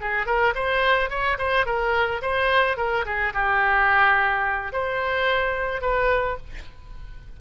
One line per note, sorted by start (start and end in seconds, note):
0.00 0.26 G#4
0.26 0.54 A#4
0.55 1.09 C5
1.09 1.37 C#5
1.38 1.65 C5
1.65 2.21 A#4
2.22 2.77 C5
2.77 3.05 A#4
3.05 3.33 G#4
3.34 4.72 G4
4.72 5.81 C5
5.81 6.37 B4